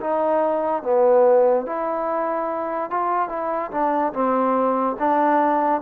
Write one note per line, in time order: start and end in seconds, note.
0.00 0.83 D#4
0.83 1.66 B3
1.66 2.90 E4
2.90 3.29 F4
3.29 3.70 E4
3.71 4.12 D4
4.13 4.96 C4
4.99 5.81 D4